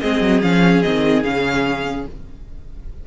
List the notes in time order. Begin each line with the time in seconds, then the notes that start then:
0.00 G#3 C4 G#4 D#5
0.21 F#3
0.41 F3 C#4 F5
0.82 D#3 C4 D#5
1.23 C#3 C#4 F5